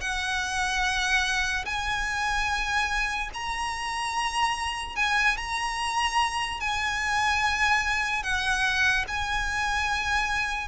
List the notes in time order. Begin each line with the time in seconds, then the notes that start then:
0.00 F#5
1.65 G#5
3.34 A#5
4.95 G#5
5.36 A#5
6.60 G#5
8.23 F#5
9.07 G#5